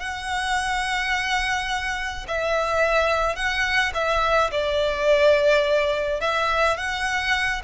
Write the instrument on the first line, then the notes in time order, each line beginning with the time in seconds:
violin
0.00 F#5
2.28 E5
3.36 F#5
3.94 E5
4.52 D5
6.21 E5
6.77 F#5